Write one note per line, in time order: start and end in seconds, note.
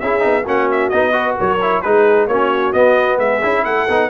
0.00 0.25 C#4
0.00 0.20 E4
0.00 0.44 G#4
0.00 0.45 E5
0.20 0.45 B3
0.20 0.43 D#4
0.44 0.91 A#3
0.44 0.92 C#4
0.44 1.12 F#4
0.44 0.71 F#5
0.71 0.89 E5
0.89 1.38 B3
0.89 1.12 D#4
0.89 1.35 D#5
1.12 1.58 F#4
1.12 1.38 B4
1.38 1.84 F#3
1.38 1.83 A#4
1.38 1.82 C#5
1.61 1.84 E4
1.82 2.27 G#3
1.82 2.30 D#4
1.82 2.29 G#4
1.82 2.27 B4
2.27 2.73 A#3
2.27 2.73 C#4
2.27 3.18 F#4
2.27 2.73 C#5
2.73 3.42 B3
2.73 3.19 B3
2.73 3.18 D#5
3.18 3.41 G#3
3.18 3.64 G#4
3.18 3.64 E5
3.43 3.64 C#4
3.43 3.88 E4
3.64 3.87 A3
3.64 4.10 A4
3.64 4.10 F#5
3.89 4.10 B3
3.89 4.10 D#4